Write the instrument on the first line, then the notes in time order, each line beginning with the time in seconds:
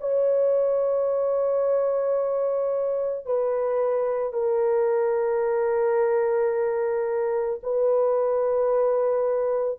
horn
0.00 C#5
3.26 B4
4.33 A#4
7.63 B4